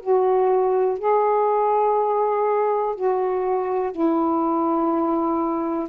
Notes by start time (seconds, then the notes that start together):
0.00 F#4
0.98 G#4
2.95 F#4
3.92 E4